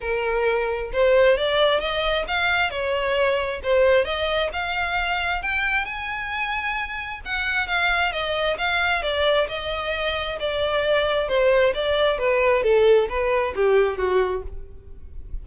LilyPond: \new Staff \with { instrumentName = "violin" } { \time 4/4 \tempo 4 = 133 ais'2 c''4 d''4 | dis''4 f''4 cis''2 | c''4 dis''4 f''2 | g''4 gis''2. |
fis''4 f''4 dis''4 f''4 | d''4 dis''2 d''4~ | d''4 c''4 d''4 b'4 | a'4 b'4 g'4 fis'4 | }